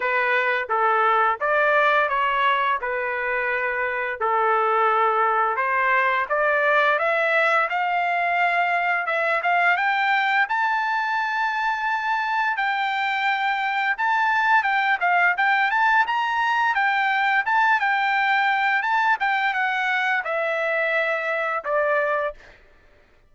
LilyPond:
\new Staff \with { instrumentName = "trumpet" } { \time 4/4 \tempo 4 = 86 b'4 a'4 d''4 cis''4 | b'2 a'2 | c''4 d''4 e''4 f''4~ | f''4 e''8 f''8 g''4 a''4~ |
a''2 g''2 | a''4 g''8 f''8 g''8 a''8 ais''4 | g''4 a''8 g''4. a''8 g''8 | fis''4 e''2 d''4 | }